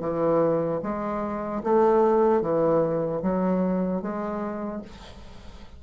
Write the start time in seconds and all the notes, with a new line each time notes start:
0.00 E3
0.82 G#3
1.63 A3
2.41 E3
3.22 F#3
4.01 G#3